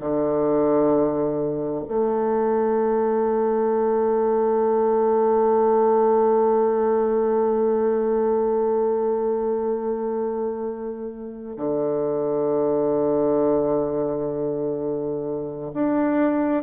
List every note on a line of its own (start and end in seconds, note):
0.00 1.85 D3
1.88 11.57 A3
11.57 15.72 D3
15.73 16.63 D4